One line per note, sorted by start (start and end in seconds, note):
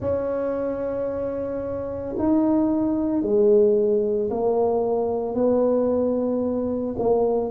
0.00 2.15 C#4
2.18 3.22 D#4
3.22 4.29 G#3
4.30 5.35 A#3
5.35 6.95 B3
6.98 7.50 A#3